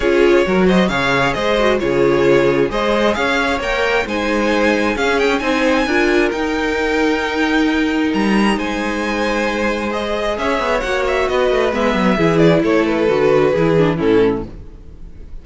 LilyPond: <<
  \new Staff \with { instrumentName = "violin" } { \time 4/4 \tempo 4 = 133 cis''4. dis''8 f''4 dis''4 | cis''2 dis''4 f''4 | g''4 gis''2 f''8 g''8 | gis''2 g''2~ |
g''2 ais''4 gis''4~ | gis''2 dis''4 e''4 | fis''8 e''8 dis''4 e''4. d''8 | cis''8 b'2~ b'8 a'4 | }
  \new Staff \with { instrumentName = "violin" } { \time 4/4 gis'4 ais'8 c''8 cis''4 c''4 | gis'2 c''4 cis''4~ | cis''4 c''2 gis'4 | c''4 ais'2.~ |
ais'2. c''4~ | c''2. cis''4~ | cis''4 b'2 gis'4 | a'2 gis'4 e'4 | }
  \new Staff \with { instrumentName = "viola" } { \time 4/4 f'4 fis'4 gis'4. fis'8 | f'2 gis'2 | ais'4 dis'2 cis'4 | dis'4 f'4 dis'2~ |
dis'1~ | dis'2 gis'2 | fis'2 b4 e'4~ | e'4 fis'4 e'8 d'8 cis'4 | }
  \new Staff \with { instrumentName = "cello" } { \time 4/4 cis'4 fis4 cis4 gis4 | cis2 gis4 cis'4 | ais4 gis2 cis'4 | c'4 d'4 dis'2~ |
dis'2 g4 gis4~ | gis2. cis'8 b8 | ais4 b8 a8 gis8 fis8 e4 | a4 d4 e4 a,4 | }
>>